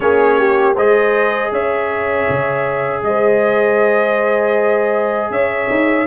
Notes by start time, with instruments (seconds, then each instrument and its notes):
0.00 tuba A#3, trombone C#4, horn G#4, trumpet C#5
0.38 horn G4
0.74 tuba G#3, trombone G#4, horn C5, trumpet D#5
1.51 tuba C#4, horn C#5, trumpet E5
2.29 tuba C#3
3.02 tuba G#3, horn C5, trumpet D#5
5.30 tuba C#4, horn C#5, trumpet E5
5.70 tuba D#4